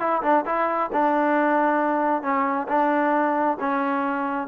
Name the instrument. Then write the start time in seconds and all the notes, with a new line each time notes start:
trombone
0.00 E4
0.23 D4
0.46 E4
0.93 D4
2.23 C#4
2.68 D4
3.60 C#4